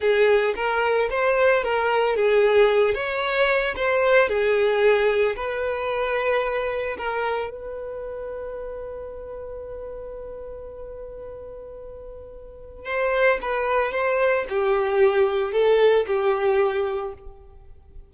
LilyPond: \new Staff \with { instrumentName = "violin" } { \time 4/4 \tempo 4 = 112 gis'4 ais'4 c''4 ais'4 | gis'4. cis''4. c''4 | gis'2 b'2~ | b'4 ais'4 b'2~ |
b'1~ | b'1 | c''4 b'4 c''4 g'4~ | g'4 a'4 g'2 | }